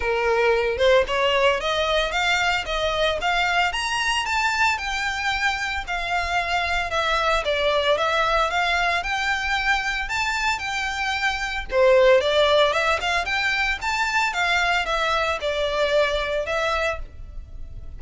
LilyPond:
\new Staff \with { instrumentName = "violin" } { \time 4/4 \tempo 4 = 113 ais'4. c''8 cis''4 dis''4 | f''4 dis''4 f''4 ais''4 | a''4 g''2 f''4~ | f''4 e''4 d''4 e''4 |
f''4 g''2 a''4 | g''2 c''4 d''4 | e''8 f''8 g''4 a''4 f''4 | e''4 d''2 e''4 | }